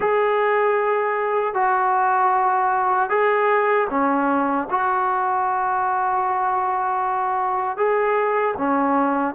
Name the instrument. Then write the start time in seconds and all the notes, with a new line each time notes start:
trombone
0.00 G#4
1.53 F#4
3.09 G#4
3.90 C#4
4.70 F#4
7.77 G#4
8.57 C#4